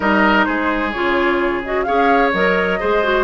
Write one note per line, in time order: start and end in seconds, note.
0.00 0.46 G3
0.00 0.92 D#4
0.00 0.45 A#4
0.00 0.44 D#5
0.44 0.94 G#3
0.44 1.85 G#4
0.44 0.91 C5
0.91 1.87 C#3
0.91 1.64 F4
0.91 1.61 C#5
1.64 1.86 F#4
1.64 1.83 D#5
1.83 2.33 C#4
1.83 2.32 G#4
1.83 2.79 C#5
1.83 2.29 F5
2.33 2.80 F#3
2.33 2.79 A#4
2.33 3.23 D#5
2.79 3.23 G#3
2.79 3.03 G#4
2.79 3.23 C5
3.03 3.23 F#4